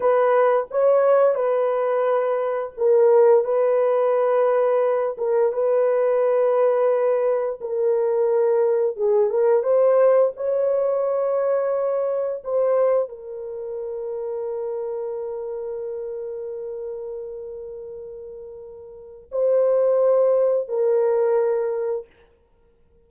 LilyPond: \new Staff \with { instrumentName = "horn" } { \time 4/4 \tempo 4 = 87 b'4 cis''4 b'2 | ais'4 b'2~ b'8 ais'8 | b'2. ais'4~ | ais'4 gis'8 ais'8 c''4 cis''4~ |
cis''2 c''4 ais'4~ | ais'1~ | ais'1 | c''2 ais'2 | }